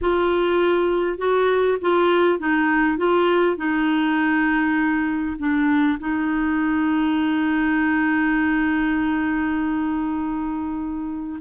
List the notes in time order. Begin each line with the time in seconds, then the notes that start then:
0.01 F4
1.18 F#4
1.81 F4
2.39 D#4
2.97 F4
3.56 D#4
5.38 D4
5.99 D#4